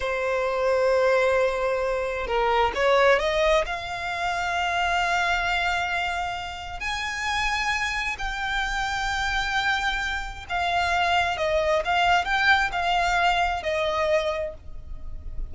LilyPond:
\new Staff \with { instrumentName = "violin" } { \time 4/4 \tempo 4 = 132 c''1~ | c''4 ais'4 cis''4 dis''4 | f''1~ | f''2. gis''4~ |
gis''2 g''2~ | g''2. f''4~ | f''4 dis''4 f''4 g''4 | f''2 dis''2 | }